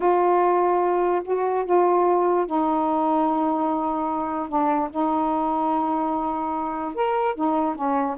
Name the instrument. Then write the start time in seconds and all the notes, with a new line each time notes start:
saxophone
0.00 F4
1.24 F#4
1.65 F4
2.46 D#4
4.48 D4
4.90 D#4
6.94 A#4
7.35 D#4
7.75 C#4